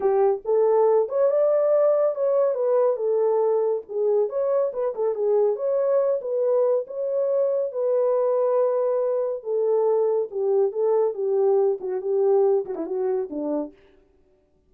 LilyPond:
\new Staff \with { instrumentName = "horn" } { \time 4/4 \tempo 4 = 140 g'4 a'4. cis''8 d''4~ | d''4 cis''4 b'4 a'4~ | a'4 gis'4 cis''4 b'8 a'8 | gis'4 cis''4. b'4. |
cis''2 b'2~ | b'2 a'2 | g'4 a'4 g'4. fis'8 | g'4. fis'16 e'16 fis'4 d'4 | }